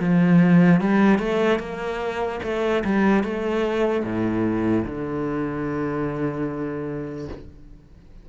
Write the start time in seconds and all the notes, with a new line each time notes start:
0.00 F3
0.81 G3
1.19 A3
1.59 A#3
2.43 A3
2.84 G3
3.24 A3
4.04 A2
4.85 D3